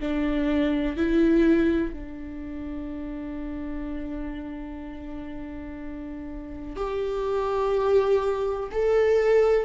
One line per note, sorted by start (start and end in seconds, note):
0.00 0.97 D4
0.97 1.94 E4
1.94 6.77 D4
6.77 8.70 G4
8.72 9.66 A4